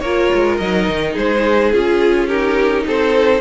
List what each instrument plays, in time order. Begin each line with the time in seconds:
0.00 cello A#3, viola F4, violin A#4 C#5
0.34 cello G#3
0.58 cello F#3, viola D#4, violin D#5
0.89 cello D#3
1.13 cello G#3, violin G#4 C5
1.72 cello C#4, viola F4, violin G#4
2.27 viola D#4, violin G4 A#4
2.86 cello C4, violin A4 C5